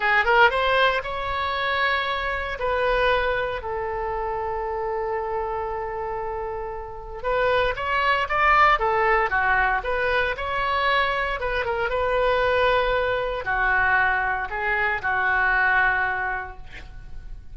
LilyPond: \new Staff \with { instrumentName = "oboe" } { \time 4/4 \tempo 4 = 116 gis'8 ais'8 c''4 cis''2~ | cis''4 b'2 a'4~ | a'1~ | a'2 b'4 cis''4 |
d''4 a'4 fis'4 b'4 | cis''2 b'8 ais'8 b'4~ | b'2 fis'2 | gis'4 fis'2. | }